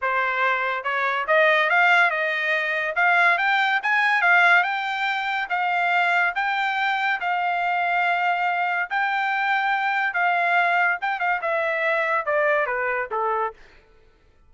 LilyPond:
\new Staff \with { instrumentName = "trumpet" } { \time 4/4 \tempo 4 = 142 c''2 cis''4 dis''4 | f''4 dis''2 f''4 | g''4 gis''4 f''4 g''4~ | g''4 f''2 g''4~ |
g''4 f''2.~ | f''4 g''2. | f''2 g''8 f''8 e''4~ | e''4 d''4 b'4 a'4 | }